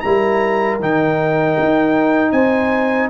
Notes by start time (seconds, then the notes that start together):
0.00 G3 E4 A#4 A#5
0.79 D#3 D#4 G5
1.59 D#4
2.31 C4 C5 G#5